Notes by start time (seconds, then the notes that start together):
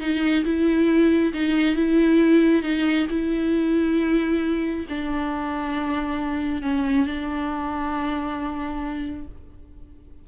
0.00 D#4
0.45 E4
1.33 D#4
1.76 E4
2.62 D#4
3.10 E4
4.89 D4
6.62 C#4
7.06 D4